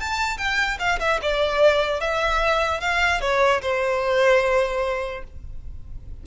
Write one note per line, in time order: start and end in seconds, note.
0.00 0.37 A5
0.37 0.78 G5
0.79 0.99 F5
1.00 1.20 E5
1.22 2.00 D5
2.00 2.80 E5
2.80 3.21 F5
3.21 3.61 C#5
3.62 5.24 C5